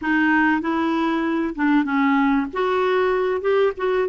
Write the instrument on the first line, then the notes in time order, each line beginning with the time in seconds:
clarinet
0.01 D#4
0.61 E4
1.55 D4
1.84 C#4
2.53 F#4
3.41 G4
3.77 F#4